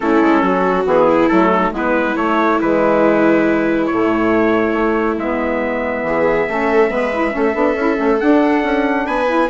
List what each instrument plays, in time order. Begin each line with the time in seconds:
0.00 bassoon A3, saxophone C#4, viola E4, trumpet A4
0.21 bassoon G#3
0.41 bassoon F#3, viola F#4
0.85 bassoon E3, saxophone B3, trumpet G#4
1.07 viola E4
1.28 bassoon F#3, saxophone A3, trumpet A4
1.53 viola D#4
1.71 bassoon G#3, saxophone B3, viola E4, trumpet B4
2.16 bassoon A3, saxophone A3, trumpet C#5
2.60 bassoon E3, saxophone G#3, trumpet B4
3.86 bassoon A2, saxophone A3, trumpet C#5
4.72 bassoon A3
5.17 bassoon G#3, saxophone B3, trumpet E5
6.02 bassoon E3, viola G#4
6.48 bassoon A3, saxophone C#4, viola A4
6.89 bassoon G#3, saxophone B3, viola B4
7.13 saxophone E4
7.30 bassoon A3, saxophone C#4, viola A4
7.54 bassoon B3, saxophone D4
7.75 bassoon C#4, saxophone E4
7.96 bassoon A3, saxophone C#4
8.20 saxophone D4, bassoon D4, trumpet F#5
8.62 bassoon C#4
9.06 bassoon B3, viola B4, trumpet G#5
9.27 saxophone E4